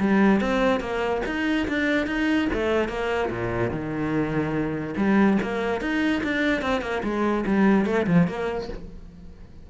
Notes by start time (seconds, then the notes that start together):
0.00 G3
0.41 C4
0.81 A#3
1.26 D#4
1.68 D4
2.07 D#4
2.53 A3
2.89 A#3
3.30 A#2
3.71 D#3
4.97 G3
5.42 A#3
5.81 D#4
6.24 D4
6.62 C4
6.82 A#3
7.04 G#3
7.46 G3
7.86 A3
8.07 F3
8.28 A#3